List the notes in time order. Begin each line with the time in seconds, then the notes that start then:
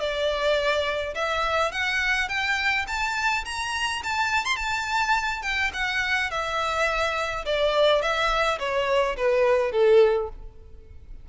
0.00 D5
1.15 E5
1.72 F#5
2.29 G5
2.88 A5
3.45 A#5
4.04 A5
4.45 C6
4.57 A5
5.42 G5
5.74 F#5
6.31 E5
7.46 D5
8.02 E5
8.59 C#5
9.17 B4
9.72 A4